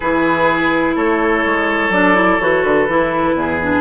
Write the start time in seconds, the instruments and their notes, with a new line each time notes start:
0.00 bassoon E3, clarinet E4, oboe G#4, flute B4
0.95 bassoon A3, oboe A4, flute C#5
1.45 bassoon G#3
1.89 bassoon F#3, clarinet D4, flute D5
2.15 clarinet E4
2.40 bassoon E3, clarinet F#4, flute C#5
2.63 bassoon D3, flute B4
2.88 bassoon E3, clarinet E4
3.34 bassoon E2, oboe G#4
3.62 clarinet D4